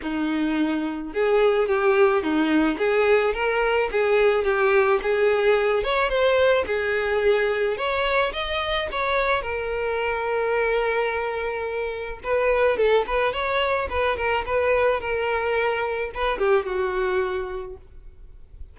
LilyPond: \new Staff \with { instrumentName = "violin" } { \time 4/4 \tempo 4 = 108 dis'2 gis'4 g'4 | dis'4 gis'4 ais'4 gis'4 | g'4 gis'4. cis''8 c''4 | gis'2 cis''4 dis''4 |
cis''4 ais'2.~ | ais'2 b'4 a'8 b'8 | cis''4 b'8 ais'8 b'4 ais'4~ | ais'4 b'8 g'8 fis'2 | }